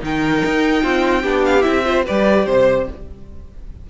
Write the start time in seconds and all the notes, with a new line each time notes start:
0.00 D#3 D#4 A#4 G5
0.45 D#4
0.82 C4 F4
1.22 B3 D4 G4
1.45 F5
1.61 C4 E4 E5
1.85 F4 C5
2.05 G3 G4 B4 D5
2.45 C3 C5